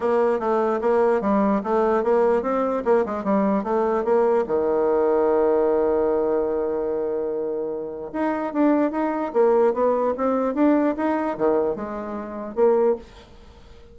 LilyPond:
\new Staff \with { instrumentName = "bassoon" } { \time 4/4 \tempo 4 = 148 ais4 a4 ais4 g4 | a4 ais4 c'4 ais8 gis8 | g4 a4 ais4 dis4~ | dis1~ |
dis1 | dis'4 d'4 dis'4 ais4 | b4 c'4 d'4 dis'4 | dis4 gis2 ais4 | }